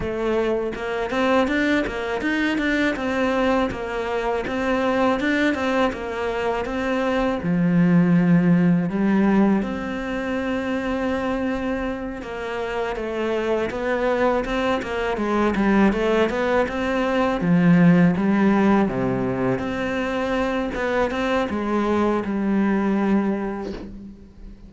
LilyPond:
\new Staff \with { instrumentName = "cello" } { \time 4/4 \tempo 4 = 81 a4 ais8 c'8 d'8 ais8 dis'8 d'8 | c'4 ais4 c'4 d'8 c'8 | ais4 c'4 f2 | g4 c'2.~ |
c'8 ais4 a4 b4 c'8 | ais8 gis8 g8 a8 b8 c'4 f8~ | f8 g4 c4 c'4. | b8 c'8 gis4 g2 | }